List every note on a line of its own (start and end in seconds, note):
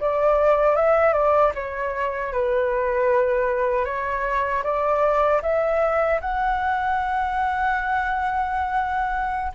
0.00 0.75 D5
0.75 1.13 E5
1.13 1.52 D5
1.54 2.32 C#5
2.32 3.85 B4
3.85 4.63 C#5
4.63 5.41 D5
5.42 6.20 E5
6.21 9.52 F#5